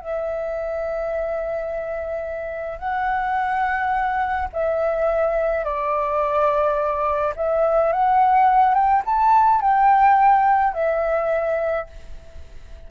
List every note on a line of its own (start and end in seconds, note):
0.00 2.79 E5
2.79 4.48 F#5
4.53 5.64 E5
5.64 7.34 D5
7.36 7.92 E5
7.92 8.74 F#5
8.74 9.03 G5
9.05 9.61 A5
9.61 10.73 G5
10.73 11.87 E5